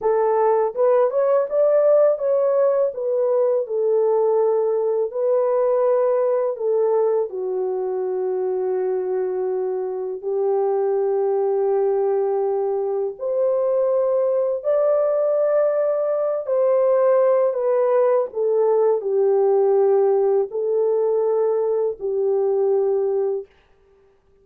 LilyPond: \new Staff \with { instrumentName = "horn" } { \time 4/4 \tempo 4 = 82 a'4 b'8 cis''8 d''4 cis''4 | b'4 a'2 b'4~ | b'4 a'4 fis'2~ | fis'2 g'2~ |
g'2 c''2 | d''2~ d''8 c''4. | b'4 a'4 g'2 | a'2 g'2 | }